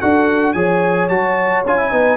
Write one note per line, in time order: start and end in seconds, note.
0.00 0.55 D4
0.00 0.56 F#4
0.00 0.55 A4
0.00 0.54 F#5
0.54 1.10 F3
0.54 1.11 G#4
0.54 1.92 C#5
0.54 1.09 G#5
1.09 1.65 F#3
1.09 1.66 F#4
1.09 1.64 A5
1.66 1.93 C#4
1.66 1.78 F4
1.66 2.18 G#5
1.78 1.92 E4
1.92 2.18 B3
1.92 2.18 D#4
1.92 2.18 B4